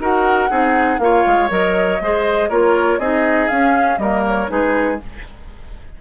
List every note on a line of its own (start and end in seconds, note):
0.00 0.50 D#4
0.00 0.49 F#4
0.00 0.50 A#4
0.00 0.99 F#5
0.49 0.99 C4
0.49 0.99 D#4
0.49 1.00 G#4
0.99 1.24 A#3
0.99 1.49 F4
0.99 2.03 C#5
0.99 1.49 F5
1.27 1.50 G#3
1.49 2.00 F#3
1.49 1.99 A#4
1.49 2.50 D#5
2.01 2.50 G#3
2.01 2.50 G#4
2.01 2.49 C5
2.49 2.98 A#3
2.49 3.00 F4
2.49 2.99 A#4
2.49 2.99 C#5
2.98 3.48 C4
2.98 3.50 D#4
2.98 3.99 G#4
2.98 3.49 D#5
3.49 4.00 C#4
3.49 3.98 C#4
3.49 3.98 F5
3.98 4.48 G3
3.98 4.48 A#3
3.98 4.51 A#4
3.98 4.23 D#5
4.28 4.50 C#5
4.48 5.01 G#3
4.48 4.98 D#4
4.48 5.01 G#4
4.48 5.00 B4